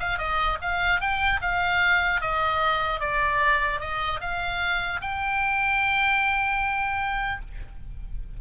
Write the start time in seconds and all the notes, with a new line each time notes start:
0.00 F5
0.18 D#5
0.62 F5
1.01 G5
1.42 F5
2.21 D#5
3.00 D5
3.80 D#5
4.21 F5
5.01 G5